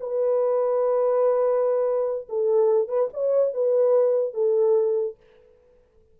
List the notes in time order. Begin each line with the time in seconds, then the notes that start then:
0.00 B4
2.29 A4
2.88 B4
3.13 C#5
3.54 B4
4.33 A4